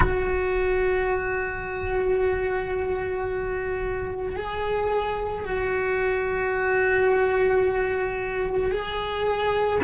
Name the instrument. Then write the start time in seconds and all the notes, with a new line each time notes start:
cello
0.00 F#4
4.36 G#4
5.44 F#4
8.71 G#4